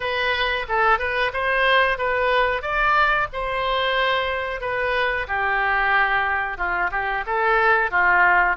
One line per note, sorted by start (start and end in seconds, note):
0.00 0.66 B4
0.68 0.98 A4
0.98 1.31 B4
1.33 1.98 C5
1.98 2.61 B4
2.61 3.27 D5
3.32 4.61 C5
4.61 5.27 B4
5.27 6.57 G4
6.57 6.90 F4
6.91 7.24 G4
7.26 7.90 A4
7.90 8.56 F4